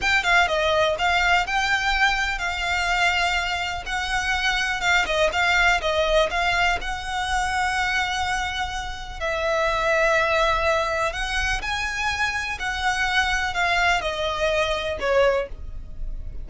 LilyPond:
\new Staff \with { instrumentName = "violin" } { \time 4/4 \tempo 4 = 124 g''8 f''8 dis''4 f''4 g''4~ | g''4 f''2. | fis''2 f''8 dis''8 f''4 | dis''4 f''4 fis''2~ |
fis''2. e''4~ | e''2. fis''4 | gis''2 fis''2 | f''4 dis''2 cis''4 | }